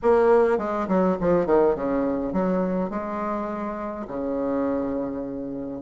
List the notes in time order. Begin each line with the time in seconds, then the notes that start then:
0.02 A#3
0.58 G#3
0.87 F#3
1.20 F3
1.46 D#3
1.75 C#3
2.32 F#3
2.90 G#3
4.07 C#3